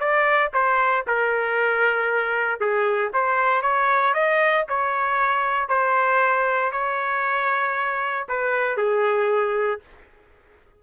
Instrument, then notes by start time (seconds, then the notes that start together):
trumpet
0.00 D5
0.54 C5
1.07 A#4
2.60 G#4
3.13 C5
3.62 C#5
4.14 D#5
4.69 C#5
5.69 C5
6.72 C#5
8.29 B4
8.77 G#4